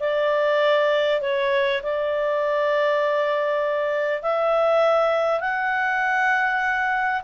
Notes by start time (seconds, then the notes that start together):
0.00 D5
1.21 C#5
1.82 D5
4.22 E5
5.40 F#5